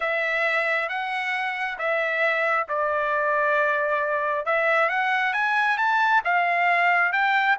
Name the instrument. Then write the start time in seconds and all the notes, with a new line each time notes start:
trumpet
0.00 E5
0.88 F#5
1.78 E5
2.68 D5
4.45 E5
4.89 F#5
5.33 G#5
5.77 A5
6.24 F5
7.12 G5